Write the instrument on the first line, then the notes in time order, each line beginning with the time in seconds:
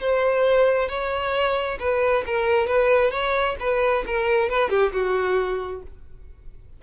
violin
0.00 C5
0.88 C#5
1.79 B4
2.26 A#4
2.67 B4
3.11 C#5
3.60 B4
4.06 A#4
4.49 B4
4.70 G4
4.92 F#4